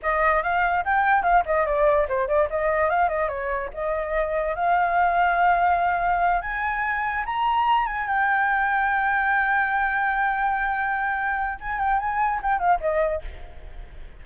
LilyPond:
\new Staff \with { instrumentName = "flute" } { \time 4/4 \tempo 4 = 145 dis''4 f''4 g''4 f''8 dis''8 | d''4 c''8 d''8 dis''4 f''8 dis''8 | cis''4 dis''2 f''4~ | f''2.~ f''8 gis''8~ |
gis''4. ais''4. gis''8 g''8~ | g''1~ | g''1 | gis''8 g''8 gis''4 g''8 f''8 dis''4 | }